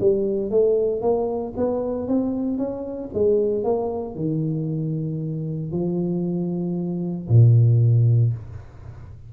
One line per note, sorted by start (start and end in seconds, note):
0.00 0.50 G3
0.50 1.01 A3
1.01 1.53 A#3
1.57 2.08 B3
2.08 2.58 C4
2.58 3.10 C#4
3.14 3.64 G#3
3.64 4.15 A#3
4.15 5.72 D#3
5.72 7.28 F3
7.29 8.33 A#2